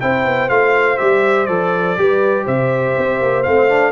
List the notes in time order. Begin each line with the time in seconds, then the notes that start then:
0.00 C4 E4 C5 G5
0.25 B3
0.49 A3 F4 F5
0.97 G3 G4 E5
1.45 F3 A4 D5
1.97 G3 G4 B4
2.44 C3 C5 E5
2.97 C4
3.21 A#3
3.43 A3 C4 F5
3.68 D4